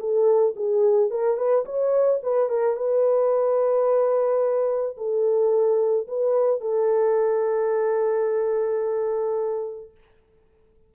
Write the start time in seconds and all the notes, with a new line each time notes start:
0.00 A4
0.56 G#4
1.11 A#4
1.38 B4
1.66 C#5
2.23 B4
2.50 A#4
2.77 B4
4.97 A4
6.08 B4
6.61 A4